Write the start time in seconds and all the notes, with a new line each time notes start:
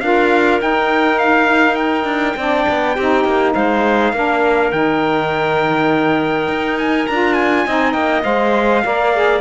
0.00 D4 F4 A#4 F5
0.60 D#4 G5
1.19 F5
1.75 G5
2.04 D4
2.36 C4 D4 D5
2.68 B3
2.95 C4 D#4 G4
3.24 A#3
3.54 G#3 C5 F5
4.13 A#3 D4 A#4
4.71 D#3 D#4 G5
6.47 D#4
6.78 G#5
7.07 D4 F4 A#5
7.33 G#5
7.65 C4 D#4 D#5
7.93 A#3 G5
8.24 G#3 C5 F5
8.84 A#3 A#4 D5
9.14 G#4